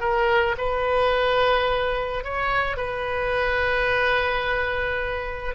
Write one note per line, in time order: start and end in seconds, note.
0.00 0.56 A#4
0.58 2.24 B4
2.24 2.77 C#5
2.77 5.55 B4